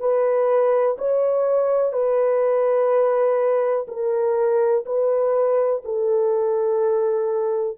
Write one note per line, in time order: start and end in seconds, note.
0.00 0.97 B4
0.99 1.93 C#5
1.93 3.87 B4
3.88 4.85 A#4
4.86 5.83 B4
5.85 7.78 A4